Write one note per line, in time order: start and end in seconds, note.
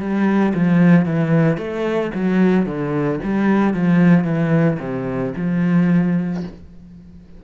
0.00 0.54 G3
0.55 1.06 F3
1.06 1.58 E3
1.58 2.11 A3
2.15 2.66 F#3
2.66 3.19 D3
3.24 3.74 G3
3.74 4.25 F3
4.25 4.78 E3
4.80 5.33 C3
5.37 6.44 F3